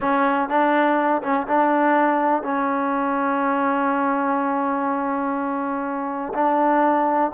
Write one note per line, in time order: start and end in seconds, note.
0.00 0.48 C#4
0.48 1.22 D4
1.22 1.46 C#4
1.47 2.43 D4
2.43 6.33 C#4
6.34 7.31 D4